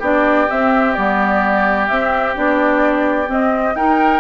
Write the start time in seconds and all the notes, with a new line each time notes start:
0.00 B3 D4 G4 D5
0.48 C4 E5
0.94 G3 B3 D5
1.88 C4 E5
2.36 B3 D4 D5
3.26 C4 D#5
3.75 D#4 A#4 G5